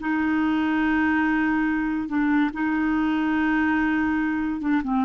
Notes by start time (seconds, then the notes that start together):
0.00 D#4
2.08 D4
2.53 D#4
4.61 D4
4.84 C4